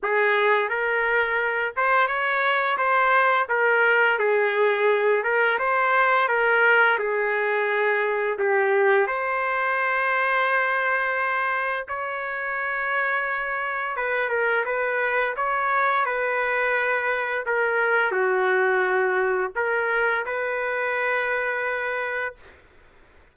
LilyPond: \new Staff \with { instrumentName = "trumpet" } { \time 4/4 \tempo 4 = 86 gis'4 ais'4. c''8 cis''4 | c''4 ais'4 gis'4. ais'8 | c''4 ais'4 gis'2 | g'4 c''2.~ |
c''4 cis''2. | b'8 ais'8 b'4 cis''4 b'4~ | b'4 ais'4 fis'2 | ais'4 b'2. | }